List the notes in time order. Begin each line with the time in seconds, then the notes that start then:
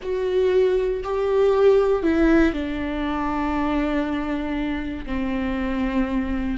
0.02 F#4
1.03 G4
2.02 E4
2.53 D4
5.06 C4